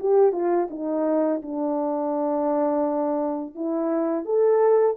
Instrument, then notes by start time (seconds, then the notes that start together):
horn
0.00 G4
0.33 F4
0.70 D#4
1.43 D4
3.55 E4
4.25 A4